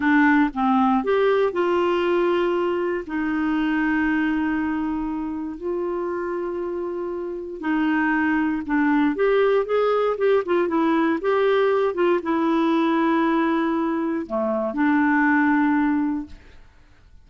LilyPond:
\new Staff \with { instrumentName = "clarinet" } { \time 4/4 \tempo 4 = 118 d'4 c'4 g'4 f'4~ | f'2 dis'2~ | dis'2. f'4~ | f'2. dis'4~ |
dis'4 d'4 g'4 gis'4 | g'8 f'8 e'4 g'4. f'8 | e'1 | a4 d'2. | }